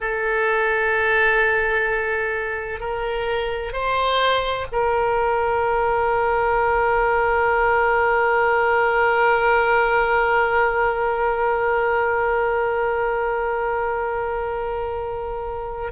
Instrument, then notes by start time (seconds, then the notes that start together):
oboe
0.00 A4
2.80 A#4
3.72 C5
4.71 A#4